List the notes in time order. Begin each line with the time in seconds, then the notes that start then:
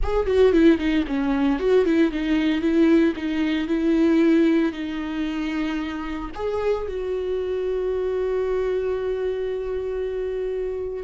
0.02 G#4
0.26 F#4
0.52 E4
0.78 D#4
1.07 C#4
1.59 F#4
1.85 E4
2.11 D#4
2.61 E4
3.16 D#4
3.67 E4
4.72 D#4
6.34 G#4
6.87 F#4